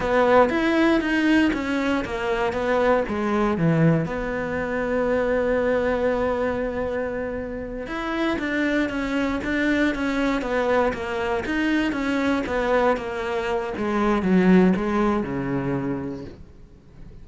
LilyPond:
\new Staff \with { instrumentName = "cello" } { \time 4/4 \tempo 4 = 118 b4 e'4 dis'4 cis'4 | ais4 b4 gis4 e4 | b1~ | b2.~ b8 e'8~ |
e'8 d'4 cis'4 d'4 cis'8~ | cis'8 b4 ais4 dis'4 cis'8~ | cis'8 b4 ais4. gis4 | fis4 gis4 cis2 | }